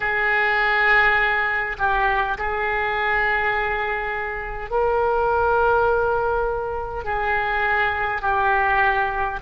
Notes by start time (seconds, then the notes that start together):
0.00 G#4
1.78 G4
2.37 G#4
4.70 A#4
7.04 G#4
8.21 G4